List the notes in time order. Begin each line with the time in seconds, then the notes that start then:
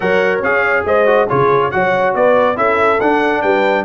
0.00 F#3 A#4 C#5 F#5
0.41 C#4 G#4 F5
0.85 G#3 C5 D#5
1.06 F#4
1.28 C#3 F4 G#4 C#5
1.71 F#3 F#4 C#5 F#5
2.14 B3 B4 D5
2.55 C#4 E4 A4 E5
3.00 D4 F#5
3.42 G3 B4 G5